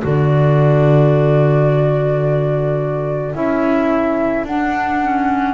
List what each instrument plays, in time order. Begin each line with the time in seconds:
0.00 double bass D3, clarinet F#4, saxophone A4, flute D5
3.34 double bass C#4, clarinet E4, flute E5
4.44 double bass D4, clarinet D4, flute F#5
5.03 clarinet C#4